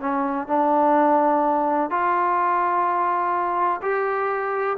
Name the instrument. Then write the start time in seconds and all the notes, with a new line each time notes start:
trombone
0.00 C#4
0.47 D4
1.90 F4
3.82 G4